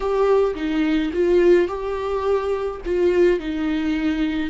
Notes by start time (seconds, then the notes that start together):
0.00 G4
0.55 D#4
1.13 F4
1.68 G4
2.85 F4
3.39 D#4